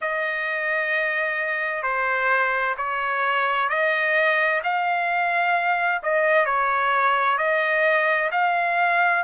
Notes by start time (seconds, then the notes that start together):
0.01 D#5
1.83 C5
2.77 C#5
3.69 D#5
4.63 F5
6.03 D#5
6.45 C#5
7.38 D#5
8.31 F5